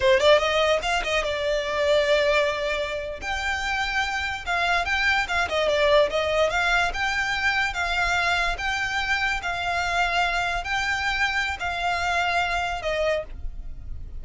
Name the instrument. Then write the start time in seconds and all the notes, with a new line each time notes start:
violin
0.00 C5
0.20 D5
0.38 D#5
0.82 F5
1.03 D#5
1.23 D5
3.21 G5
4.46 F5
4.85 G5
5.28 F5
5.48 D#5
5.68 D5
6.09 D#5
6.50 F5
6.93 G5
7.73 F5
8.58 G5
9.42 F5
10.63 G5
11.59 F5
12.82 D#5